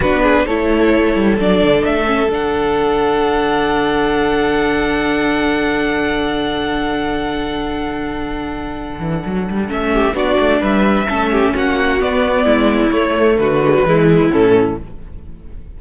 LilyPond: <<
  \new Staff \with { instrumentName = "violin" } { \time 4/4 \tempo 4 = 130 b'4 cis''2 d''4 | e''4 fis''2.~ | fis''1~ | fis''1~ |
fis''1~ | fis''4 e''4 d''4 e''4~ | e''4 fis''4 d''2 | cis''4 b'2 a'4 | }
  \new Staff \with { instrumentName = "violin" } { \time 4/4 fis'8 gis'8 a'2.~ | a'1~ | a'1~ | a'1~ |
a'1~ | a'4. g'8 fis'4 b'4 | a'8 g'8 fis'2 e'4~ | e'4 fis'4 e'2 | }
  \new Staff \with { instrumentName = "viola" } { \time 4/4 d'4 e'2 d'4~ | d'8 cis'8 d'2.~ | d'1~ | d'1~ |
d'1~ | d'4 cis'4 d'2 | cis'2 b2 | a4. gis16 fis16 gis4 cis'4 | }
  \new Staff \with { instrumentName = "cello" } { \time 4/4 b4 a4. g8 fis8 d8 | a4 d2.~ | d1~ | d1~ |
d2.~ d8 e8 | fis8 g8 a4 b8 a8 g4 | a4 ais4 b4 gis4 | a4 d4 e4 a,4 | }
>>